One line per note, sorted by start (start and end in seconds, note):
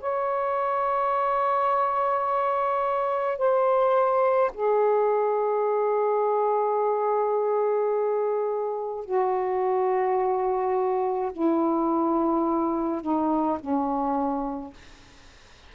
0.00 3.38 C#5
3.38 4.51 C5
4.54 9.05 G#4
9.05 11.32 F#4
11.33 13.02 E4
13.02 13.58 D#4
13.60 14.73 C#4